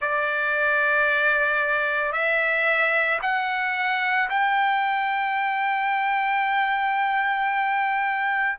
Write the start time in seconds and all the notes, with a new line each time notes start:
0.00 D5
2.12 E5
3.21 F#5
4.29 G5